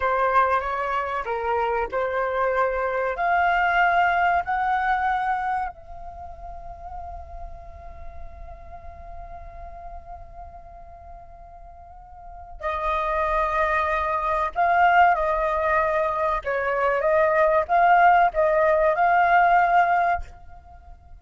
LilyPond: \new Staff \with { instrumentName = "flute" } { \time 4/4 \tempo 4 = 95 c''4 cis''4 ais'4 c''4~ | c''4 f''2 fis''4~ | fis''4 f''2.~ | f''1~ |
f''1 | dis''2. f''4 | dis''2 cis''4 dis''4 | f''4 dis''4 f''2 | }